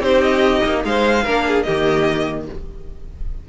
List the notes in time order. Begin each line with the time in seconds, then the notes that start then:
0.00 C4 D#4 G4 C5
0.21 D#5
0.65 A#3
0.84 G#3 C5 F5
1.24 A#3 D4 A#4
1.47 G#4
1.63 D#3 A#3 G4 D#5